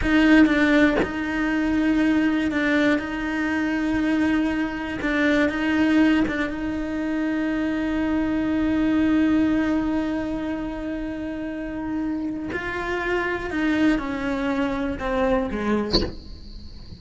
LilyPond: \new Staff \with { instrumentName = "cello" } { \time 4/4 \tempo 4 = 120 dis'4 d'4 dis'2~ | dis'4 d'4 dis'2~ | dis'2 d'4 dis'4~ | dis'8 d'8 dis'2.~ |
dis'1~ | dis'1~ | dis'4 f'2 dis'4 | cis'2 c'4 gis4 | }